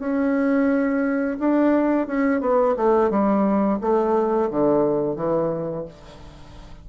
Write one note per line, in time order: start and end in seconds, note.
0.00 1.38 C#4
1.40 2.08 D4
2.08 2.41 C#4
2.41 2.76 B3
2.77 3.11 A3
3.11 3.80 G3
3.82 4.50 A3
4.51 5.16 D3
5.16 5.85 E3